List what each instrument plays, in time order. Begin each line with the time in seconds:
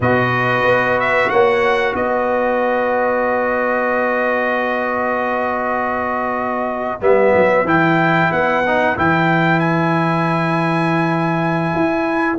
0.00 tuba B2, trombone F#4, horn B4, trumpet D#5
0.64 tuba B3
0.99 trumpet E5
1.29 tuba A#3, horn C#5, trumpet F#5
1.94 tuba B3, horn B4, trumpet D#5
7.01 tuba G3, trombone B3, trumpet E5
7.34 tuba F#3
7.64 tuba E3, trombone E4, trumpet G5
8.31 tuba B3, trumpet F#5
8.66 trombone D#4
8.96 tuba E3, trombone E4, trumpet G5
9.59 trumpet G#5
11.74 tuba E4